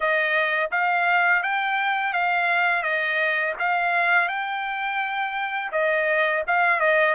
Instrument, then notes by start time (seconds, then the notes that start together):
trumpet
0.00 D#5
0.71 F5
1.43 G5
2.13 F5
2.82 D#5
3.59 F5
4.28 G5
5.71 D#5
6.47 F5
6.80 D#5